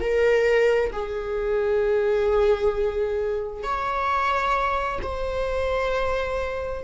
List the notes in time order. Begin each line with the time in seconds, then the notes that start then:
0.00 A#4
0.92 G#4
3.62 C#5
5.02 C5